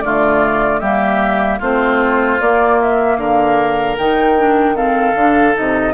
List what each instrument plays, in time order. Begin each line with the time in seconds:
0.00 bassoon D3, clarinet A3, oboe F4, flute D5
0.79 bassoon G3, clarinet A#3, oboe G4, flute E5
1.59 bassoon A3, clarinet C4, oboe F4, flute C5
2.40 bassoon A#3, clarinet A#3, flute D5
2.81 flute E5
3.16 bassoon D3, oboe A#4, flute F5
3.98 bassoon D#3, clarinet D#4, flute G5
4.37 clarinet D4
4.75 clarinet C4, oboe A4, flute F5
5.14 bassoon D3, clarinet D4
5.53 bassoon C3, clarinet D#4, flute D#5